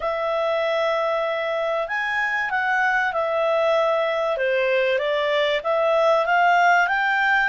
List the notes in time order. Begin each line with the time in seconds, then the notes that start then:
0.00 E5
1.88 G#5
2.50 F#5
3.12 E5
4.37 C5
4.98 D5
5.63 E5
6.26 F5
6.87 G5